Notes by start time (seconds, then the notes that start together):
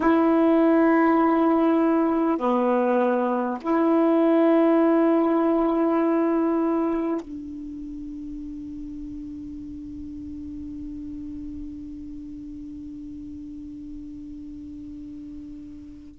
0.00 E4
2.38 B3
3.61 E4
7.21 D4